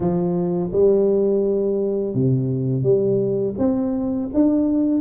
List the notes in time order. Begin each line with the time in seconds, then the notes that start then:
0.00 F3
0.72 G3
2.14 C3
2.82 G3
3.58 C4
4.33 D4